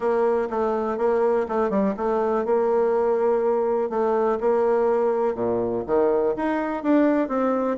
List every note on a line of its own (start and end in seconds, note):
0.00 0.48 A#3
0.50 0.97 A3
0.97 1.46 A#3
1.48 1.70 A3
1.70 1.94 G3
1.96 2.45 A3
2.45 3.89 A#3
3.89 4.38 A3
4.40 5.34 A#3
5.34 5.83 A#2
5.86 6.35 D#3
6.36 6.83 D#4
6.83 7.28 D4
7.28 7.77 C4